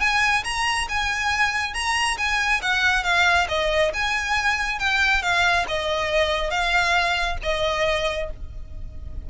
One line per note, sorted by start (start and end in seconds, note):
0.00 0.43 G#5
0.44 0.87 A#5
0.89 1.74 G#5
1.74 2.17 A#5
2.17 2.61 G#5
2.62 3.04 F#5
3.04 3.47 F5
3.48 3.92 D#5
3.93 4.79 G#5
4.79 5.22 G5
5.22 5.66 F5
5.68 6.50 D#5
6.50 7.37 F5
7.43 8.30 D#5